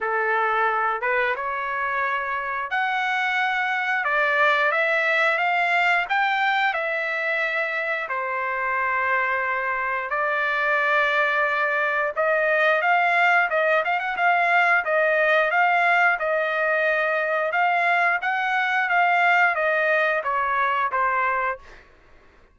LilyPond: \new Staff \with { instrumentName = "trumpet" } { \time 4/4 \tempo 4 = 89 a'4. b'8 cis''2 | fis''2 d''4 e''4 | f''4 g''4 e''2 | c''2. d''4~ |
d''2 dis''4 f''4 | dis''8 f''16 fis''16 f''4 dis''4 f''4 | dis''2 f''4 fis''4 | f''4 dis''4 cis''4 c''4 | }